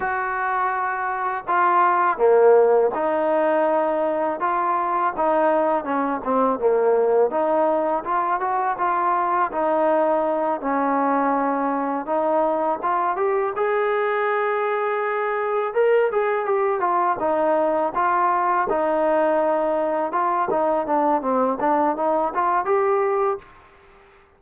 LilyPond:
\new Staff \with { instrumentName = "trombone" } { \time 4/4 \tempo 4 = 82 fis'2 f'4 ais4 | dis'2 f'4 dis'4 | cis'8 c'8 ais4 dis'4 f'8 fis'8 | f'4 dis'4. cis'4.~ |
cis'8 dis'4 f'8 g'8 gis'4.~ | gis'4. ais'8 gis'8 g'8 f'8 dis'8~ | dis'8 f'4 dis'2 f'8 | dis'8 d'8 c'8 d'8 dis'8 f'8 g'4 | }